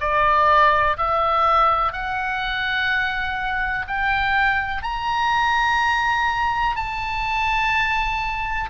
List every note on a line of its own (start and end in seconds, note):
0.00 0.97 D5
0.97 1.93 E5
1.93 3.86 F#5
3.88 4.83 G5
4.83 6.76 A#5
6.76 8.69 A5